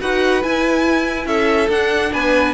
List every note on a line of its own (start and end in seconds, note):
0.00 0.43 D#4
0.00 0.42 F#4
0.00 1.27 B4
0.00 0.42 F#5
0.42 1.69 E4
0.42 1.26 E4
0.42 1.27 G#5
1.26 1.68 C#4
1.26 2.12 A4
1.26 1.69 E5
1.69 2.11 D4
1.69 2.54 D4
1.69 2.13 F#5
2.12 2.54 B3
2.12 2.54 B4
2.12 2.54 G#5